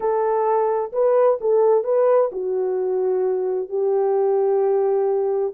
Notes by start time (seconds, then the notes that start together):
0.00 A4
0.92 B4
1.40 A4
1.84 B4
2.32 F#4
3.69 G4